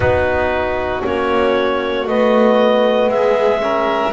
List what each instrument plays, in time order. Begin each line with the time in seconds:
0.00 double bass B3, trombone D#4, violin F#4, clarinet B4
1.04 double bass A#3, trombone C#4, clarinet C#5
2.06 double bass A3, trombone B3, clarinet D#5
3.08 double bass G#3, violin G#4, clarinet E5
3.60 trombone C#4, violin A#4